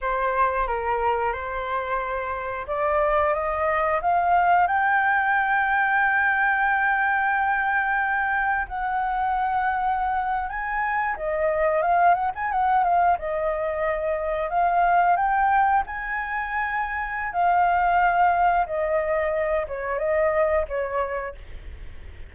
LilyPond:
\new Staff \with { instrumentName = "flute" } { \time 4/4 \tempo 4 = 90 c''4 ais'4 c''2 | d''4 dis''4 f''4 g''4~ | g''1~ | g''4 fis''2~ fis''8. gis''16~ |
gis''8. dis''4 f''8 fis''16 gis''16 fis''8 f''8 dis''16~ | dis''4.~ dis''16 f''4 g''4 gis''16~ | gis''2 f''2 | dis''4. cis''8 dis''4 cis''4 | }